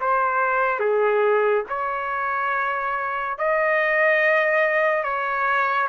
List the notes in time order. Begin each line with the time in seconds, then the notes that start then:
0.00 C5
0.80 G#4
1.69 C#5
3.38 D#5
5.03 C#5